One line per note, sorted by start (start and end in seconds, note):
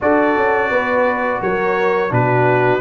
0.00 0.36 D4
0.00 2.09 F#4
0.00 0.70 A4
0.00 1.41 D5
0.36 0.70 C#4
0.70 1.40 B3
0.70 1.41 B4
1.41 2.11 F#3
1.41 2.12 A#4
1.41 2.12 C#5
2.09 2.80 B2
2.09 2.80 D4
2.09 2.80 F#4
2.09 2.80 B4